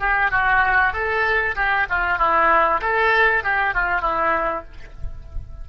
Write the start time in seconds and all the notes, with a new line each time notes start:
0.00 G4
0.31 F#4
0.93 A4
1.56 G4
1.90 F4
2.19 E4
2.82 A4
3.44 G4
3.75 F4
4.02 E4